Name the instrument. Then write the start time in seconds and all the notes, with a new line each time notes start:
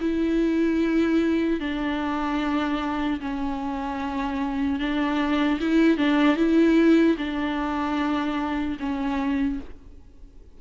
viola
0.00 E4
1.60 D4
3.20 C#4
4.79 D4
5.60 E4
5.97 D4
6.36 E4
7.17 D4
8.80 C#4